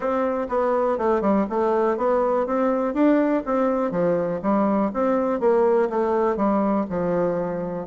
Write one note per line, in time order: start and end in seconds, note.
0.00 0.47 C4
0.48 0.97 B3
0.97 1.21 A3
1.21 1.46 G3
1.49 1.97 A3
1.97 2.46 B3
2.46 2.94 C4
2.94 3.43 D4
3.45 3.91 C4
3.91 4.40 F3
4.42 4.91 G3
4.93 5.40 C4
5.40 5.89 A#3
5.89 6.36 A3
6.36 6.85 G3
6.89 7.87 F3